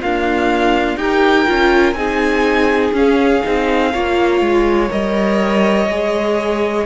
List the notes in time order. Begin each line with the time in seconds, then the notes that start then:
0.00 A#3 D4 F4 F5
0.96 D#4 G4 A#4 G5
1.45 C#4 F4
1.92 C4 D#4 G#4 G#5
2.93 C#4 F5
3.43 C4 D#4
3.92 A#3 F4 C#5
4.40 G#3
4.89 G3 A#4 D#5
5.88 G#3 G#4